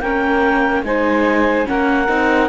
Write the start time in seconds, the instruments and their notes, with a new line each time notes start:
0.00 cello A#3, viola C#4, saxophone A#4, clarinet G5
0.83 cello G#3, viola D#4, saxophone C5, clarinet G#5
1.65 cello A#3, viola C#4, saxophone A#4, clarinet F#5
2.09 cello C4, viola D#4